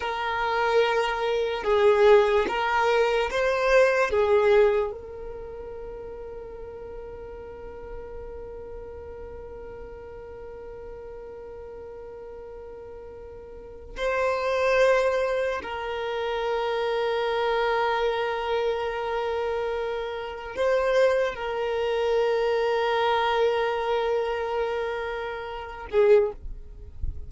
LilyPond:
\new Staff \with { instrumentName = "violin" } { \time 4/4 \tempo 4 = 73 ais'2 gis'4 ais'4 | c''4 gis'4 ais'2~ | ais'1~ | ais'1~ |
ais'4 c''2 ais'4~ | ais'1~ | ais'4 c''4 ais'2~ | ais'2.~ ais'8 gis'8 | }